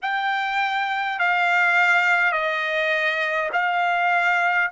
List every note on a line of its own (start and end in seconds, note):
0.02 1.19 G5
1.19 2.32 F5
2.32 3.49 D#5
3.52 4.70 F5